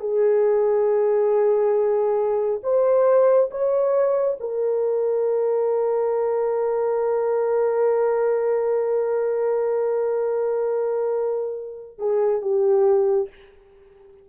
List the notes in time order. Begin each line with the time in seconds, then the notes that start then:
0.00 G#4
2.63 C5
3.51 C#5
4.40 A#4
11.98 G#4
12.42 G4